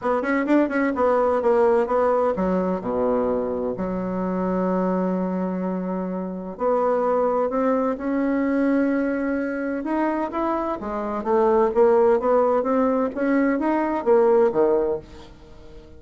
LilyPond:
\new Staff \with { instrumentName = "bassoon" } { \time 4/4 \tempo 4 = 128 b8 cis'8 d'8 cis'8 b4 ais4 | b4 fis4 b,2 | fis1~ | fis2 b2 |
c'4 cis'2.~ | cis'4 dis'4 e'4 gis4 | a4 ais4 b4 c'4 | cis'4 dis'4 ais4 dis4 | }